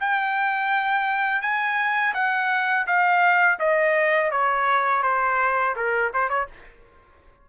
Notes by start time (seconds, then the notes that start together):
0.00 G5
1.42 G#5
2.14 F#5
2.87 F5
3.59 D#5
4.31 C#5
5.03 C5
5.76 A#4
6.13 C5
6.29 C#5